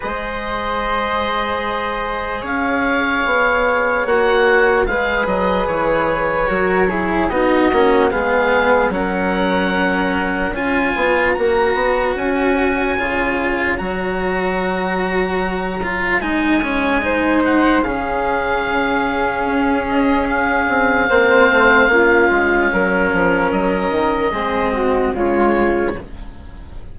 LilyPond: <<
  \new Staff \with { instrumentName = "oboe" } { \time 4/4 \tempo 4 = 74 dis''2. f''4~ | f''4 fis''4 f''8 dis''8 cis''4~ | cis''4 dis''4 f''4 fis''4~ | fis''4 gis''4 ais''4 gis''4~ |
gis''4 ais''2. | gis''4. fis''8 f''2~ | f''8 dis''8 f''2.~ | f''4 dis''2 cis''4 | }
  \new Staff \with { instrumentName = "flute" } { \time 4/4 c''2. cis''4~ | cis''2 b'2 | ais'8 gis'8 fis'4 gis'4 ais'4~ | ais'4 cis''2.~ |
cis''1~ | cis''4 c''4 gis'2~ | gis'2 c''4 f'4 | ais'2 gis'8 fis'8 f'4 | }
  \new Staff \with { instrumentName = "cello" } { \time 4/4 gis'1~ | gis'4 fis'4 gis'2 | fis'8 e'8 dis'8 cis'8 b4 cis'4~ | cis'4 f'4 fis'2 |
f'4 fis'2~ fis'8 f'8 | dis'8 cis'8 dis'4 cis'2~ | cis'2 c'4 cis'4~ | cis'2 c'4 gis4 | }
  \new Staff \with { instrumentName = "bassoon" } { \time 4/4 gis2. cis'4 | b4 ais4 gis8 fis8 e4 | fis4 b8 ais8 gis4 fis4~ | fis4 cis'8 b8 ais8 b8 cis'4 |
cis4 fis2. | gis2 cis2 | cis'4. c'8 ais8 a8 ais8 gis8 | fis8 f8 fis8 dis8 gis4 cis4 | }
>>